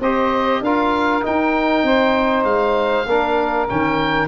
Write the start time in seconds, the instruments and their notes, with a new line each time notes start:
0.00 tuba C4, trombone G4, saxophone C5, oboe D#5
0.60 tuba D4, trombone F4, saxophone A#4, oboe F5
1.22 trombone D#4, tuba D#4, oboe G5
1.82 tuba C4, saxophone C5
2.43 tuba G#3, oboe F5
3.06 tuba A#3, trombone D4, saxophone A#4
3.68 tuba D#3, trombone C#4, oboe G5